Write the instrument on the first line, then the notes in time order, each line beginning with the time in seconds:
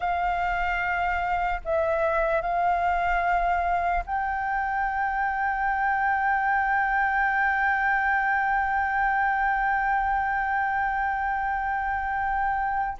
flute
0.00 F5
1.64 E5
2.41 F5
4.05 G5